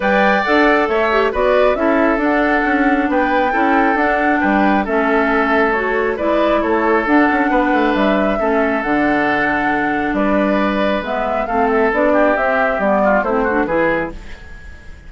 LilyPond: <<
  \new Staff \with { instrumentName = "flute" } { \time 4/4 \tempo 4 = 136 g''4 fis''4 e''4 d''4 | e''4 fis''2 g''4~ | g''4 fis''4 g''4 e''4~ | e''4 cis''4 d''4 cis''4 |
fis''2 e''2 | fis''2. d''4~ | d''4 e''4 f''8 e''8 d''4 | e''4 d''4 c''4 b'4 | }
  \new Staff \with { instrumentName = "oboe" } { \time 4/4 d''2 cis''4 b'4 | a'2. b'4 | a'2 b'4 a'4~ | a'2 b'4 a'4~ |
a'4 b'2 a'4~ | a'2. b'4~ | b'2 a'4. g'8~ | g'4. f'8 e'8 fis'8 gis'4 | }
  \new Staff \with { instrumentName = "clarinet" } { \time 4/4 b'4 a'4. g'8 fis'4 | e'4 d'2. | e'4 d'2 cis'4~ | cis'4 fis'4 e'2 |
d'2. cis'4 | d'1~ | d'4 b4 c'4 d'4 | c'4 b4 c'8 d'8 e'4 | }
  \new Staff \with { instrumentName = "bassoon" } { \time 4/4 g4 d'4 a4 b4 | cis'4 d'4 cis'4 b4 | cis'4 d'4 g4 a4~ | a2 gis4 a4 |
d'8 cis'8 b8 a8 g4 a4 | d2. g4~ | g4 gis4 a4 b4 | c'4 g4 a4 e4 | }
>>